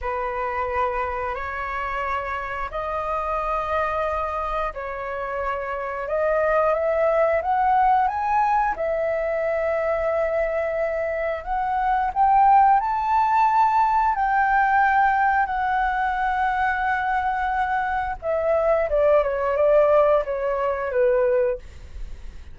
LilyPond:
\new Staff \with { instrumentName = "flute" } { \time 4/4 \tempo 4 = 89 b'2 cis''2 | dis''2. cis''4~ | cis''4 dis''4 e''4 fis''4 | gis''4 e''2.~ |
e''4 fis''4 g''4 a''4~ | a''4 g''2 fis''4~ | fis''2. e''4 | d''8 cis''8 d''4 cis''4 b'4 | }